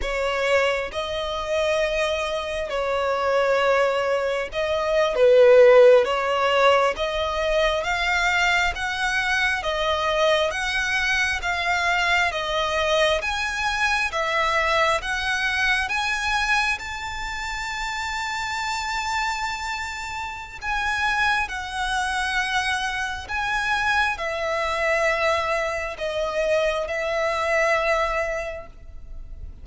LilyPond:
\new Staff \with { instrumentName = "violin" } { \time 4/4 \tempo 4 = 67 cis''4 dis''2 cis''4~ | cis''4 dis''8. b'4 cis''4 dis''16~ | dis''8. f''4 fis''4 dis''4 fis''16~ | fis''8. f''4 dis''4 gis''4 e''16~ |
e''8. fis''4 gis''4 a''4~ a''16~ | a''2. gis''4 | fis''2 gis''4 e''4~ | e''4 dis''4 e''2 | }